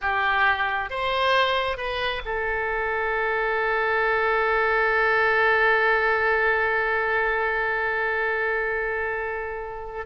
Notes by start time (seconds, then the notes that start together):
0.01 G4
0.90 C5
1.77 B4
2.25 A4